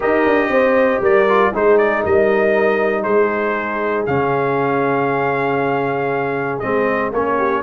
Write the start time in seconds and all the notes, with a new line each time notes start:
0.00 D#4 G4 A#4 D#5
0.25 D4
0.48 C4 C5
1.01 G3 A#4 D5
1.28 F4
1.53 G#3 D#4 G#4 C5
1.77 D5
2.03 G3 A#4 D#5
3.02 G#3 G#4 C5
4.06 C#3 C#4 F5
6.59 G#3 C4 D#5
7.12 A#3 C#4 C#5
7.37 G4